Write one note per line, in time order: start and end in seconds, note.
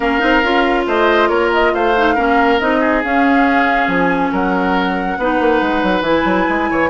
0.00 0.18 A#3
0.00 0.20 C#4
0.00 0.85 A#4
0.00 0.85 F5
0.20 0.42 C4
0.20 0.41 D#4
0.42 0.86 C#4
0.42 1.95 F4
0.86 1.29 A3
0.86 1.29 C5
0.86 1.28 D#5
1.28 1.73 A#3
1.28 1.72 A#4
1.28 1.50 C#5
1.53 1.74 D#5
1.73 2.16 A3
1.73 2.14 C5
1.73 2.59 F5
1.96 2.16 D#4
2.14 2.60 A#3
2.14 2.59 C#4
2.14 2.79 A#4
2.59 3.03 C4
2.59 3.03 D#4
2.59 3.02 D#5
2.80 4.31 G#4
3.03 3.87 C#4
3.03 5.19 C#4
3.03 3.88 F5
3.87 4.30 F3
3.87 4.31 G#5
4.31 5.17 F#3
4.31 5.17 A#4
4.31 6.04 F#5
5.17 5.39 B3
5.17 6.04 D#4
5.17 6.70 B4
5.39 5.61 A#3
5.61 5.83 G#3
5.83 6.01 F#3
6.01 6.22 E3
6.01 6.89 E4
6.01 6.89 G#5
6.24 6.46 F#3
6.49 6.70 G#3
6.70 6.89 E3
6.70 6.89 C#5